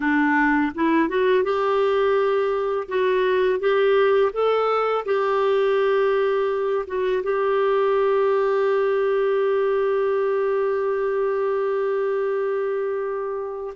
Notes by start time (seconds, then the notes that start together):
0.00 D4
0.75 E4
1.08 F#4
1.43 G4
2.88 F#4
3.59 G4
4.32 A4
5.05 G4
6.86 F#4
7.23 G4